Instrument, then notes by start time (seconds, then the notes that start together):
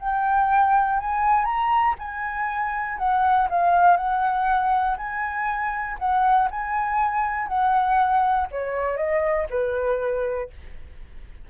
flute
0.00 G5
1.00 G#5
1.45 A#5
1.99 G#5
2.98 F#5
3.50 F5
3.97 F#5
4.98 G#5
5.99 F#5
6.51 G#5
7.48 F#5
8.52 C#5
8.97 D#5
9.50 B4